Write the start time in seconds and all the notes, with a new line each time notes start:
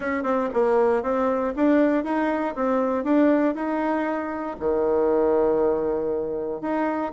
0.00 C#4
0.23 C4
0.53 A#3
1.02 C4
1.56 D4
2.04 D#4
2.55 C4
3.04 D4
3.55 D#4
4.59 D#3
6.61 D#4